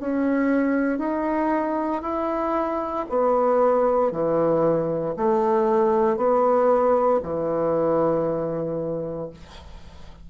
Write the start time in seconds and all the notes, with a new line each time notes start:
0.00 C#4
0.98 D#4
2.02 E4
3.09 B3
4.11 E3
5.16 A3
6.16 B3
7.23 E3